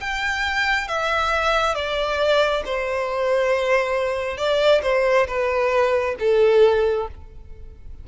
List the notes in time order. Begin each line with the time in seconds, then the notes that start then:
0.00 G5
0.87 E5
1.75 D5
2.66 C5
4.37 D5
4.82 C5
5.27 B4
6.19 A4